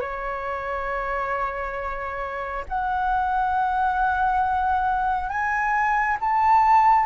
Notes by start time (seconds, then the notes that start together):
0.00 C#5
2.68 F#5
5.29 G#5
6.20 A5